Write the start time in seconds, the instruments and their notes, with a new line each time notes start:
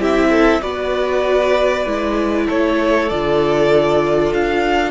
0.00 cello C4, viola E4, violin G4 E5
0.31 violin A4
0.61 cello B3, viola F#4, violin B4 D5
1.86 cello G#3, viola E4
2.46 cello A3, violin A4 C#5
3.10 cello D3, viola F4, violin D5
4.34 cello D4, violin F5